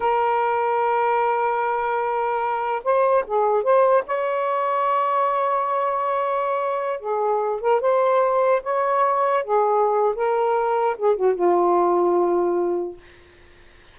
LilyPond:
\new Staff \with { instrumentName = "saxophone" } { \time 4/4 \tempo 4 = 148 ais'1~ | ais'2. c''4 | gis'4 c''4 cis''2~ | cis''1~ |
cis''4~ cis''16 gis'4. ais'8 c''8.~ | c''4~ c''16 cis''2 gis'8.~ | gis'4 ais'2 gis'8 fis'8 | f'1 | }